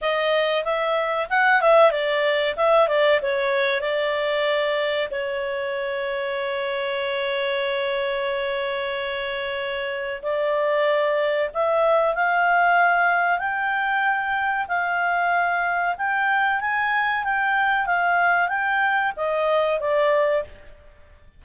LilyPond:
\new Staff \with { instrumentName = "clarinet" } { \time 4/4 \tempo 4 = 94 dis''4 e''4 fis''8 e''8 d''4 | e''8 d''8 cis''4 d''2 | cis''1~ | cis''1 |
d''2 e''4 f''4~ | f''4 g''2 f''4~ | f''4 g''4 gis''4 g''4 | f''4 g''4 dis''4 d''4 | }